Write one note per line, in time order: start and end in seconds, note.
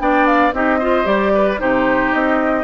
0.00 0.53 B3
0.00 0.53 D4
0.00 0.55 D5
0.00 0.27 G5
0.27 0.53 F5
0.53 1.06 C4
0.53 0.80 D#4
0.53 0.79 G4
0.53 1.06 D#5
0.79 1.04 F4
0.79 1.32 C5
1.04 1.59 G3
1.04 1.57 G4
1.04 1.59 D5
1.35 1.60 B4
1.59 2.13 C3
1.59 2.64 D#4
1.59 2.64 G4
1.59 2.13 C5
2.13 2.64 C4
2.13 2.64 D#5